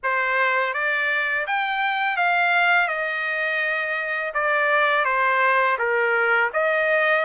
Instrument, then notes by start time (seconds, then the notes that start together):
trumpet
0.03 C5
0.73 D5
1.46 G5
2.17 F5
2.88 D#5
4.34 D5
5.04 C5
5.78 A#4
6.53 D#5